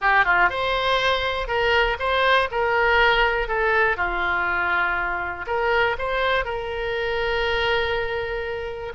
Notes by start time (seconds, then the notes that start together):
0.01 G4
0.24 F4
0.49 C5
1.47 A#4
1.99 C5
2.51 A#4
3.47 A4
3.96 F4
5.47 A#4
5.98 C5
6.45 A#4